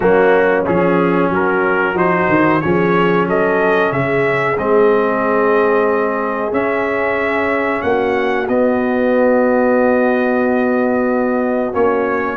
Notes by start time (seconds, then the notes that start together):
0.00 F#3 A#3 C#4 F#4
0.66 F3 C#4 G#4
1.29 F#3 F#4 A#4
1.93 F3 D#4 C5
2.29 D#3
2.61 F3 C#4 G#4 C#5
3.27 F#3 A4 D#5
3.91 C#3 G#4 E5
4.58 G#3 C4 D#5
6.51 C#4 E5
7.82 A#3 F#4 F#5
8.48 B3 D#5
11.72 A#3 C#4 C#5